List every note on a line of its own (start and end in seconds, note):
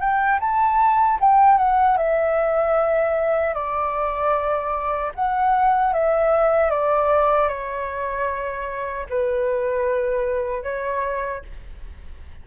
0.00 0.39 G5
0.40 1.19 A5
1.20 1.58 G5
1.58 1.97 F#5
1.97 3.54 E5
3.54 5.12 D5
5.15 5.93 F#5
5.93 6.70 E5
6.70 7.49 D5
7.49 9.06 C#5
9.10 10.63 B4
10.63 11.42 C#5